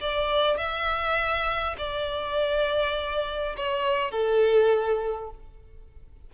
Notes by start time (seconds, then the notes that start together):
0.00 D5
0.57 E5
1.78 D5
3.57 C#5
4.11 A4